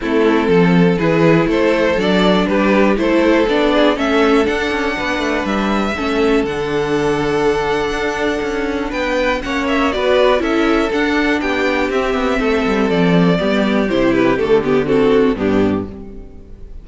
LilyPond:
<<
  \new Staff \with { instrumentName = "violin" } { \time 4/4 \tempo 4 = 121 a'2 b'4 c''4 | d''4 b'4 c''4 d''4 | e''4 fis''2 e''4~ | e''4 fis''2.~ |
fis''2 g''4 fis''8 e''8 | d''4 e''4 fis''4 g''4 | e''2 d''2 | c''8 b'8 a'8 g'8 a'4 g'4 | }
  \new Staff \with { instrumentName = "violin" } { \time 4/4 e'4 a'4 gis'4 a'4~ | a'4 g'4 a'4. gis'8 | a'2 b'2 | a'1~ |
a'2 b'4 cis''4 | b'4 a'2 g'4~ | g'4 a'2 g'4~ | g'2 fis'4 d'4 | }
  \new Staff \with { instrumentName = "viola" } { \time 4/4 c'2 e'2 | d'2 e'4 d'4 | cis'4 d'2. | cis'4 d'2.~ |
d'2. cis'4 | fis'4 e'4 d'2 | c'2. b4 | e'4 a8 b8 c'4 b4 | }
  \new Staff \with { instrumentName = "cello" } { \time 4/4 a4 f4 e4 a4 | fis4 g4 a4 b4 | a4 d'8 cis'8 b8 a8 g4 | a4 d2. |
d'4 cis'4 b4 ais4 | b4 cis'4 d'4 b4 | c'8 b8 a8 g8 f4 g4 | c4 d2 g,4 | }
>>